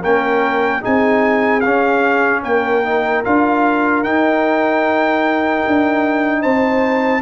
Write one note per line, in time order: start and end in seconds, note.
0.00 0.83 A#3
0.00 0.81 C#4
0.00 0.80 A#4
0.00 0.83 G5
0.81 1.65 C4
0.81 1.61 D#4
0.81 2.41 G#4
0.81 1.60 G#5
1.60 2.84 C#4
1.60 2.44 C#4
1.60 2.40 F5
2.43 3.24 A#3
2.43 6.41 A#4
2.43 3.24 G5
2.84 3.24 D#4
3.25 4.04 D4
3.25 4.04 F4
3.25 4.03 F5
4.03 5.64 D#4
4.03 7.21 D#4
4.03 6.42 G5
5.67 6.44 D4
6.41 7.21 C4
6.41 7.21 C5
6.41 7.21 A5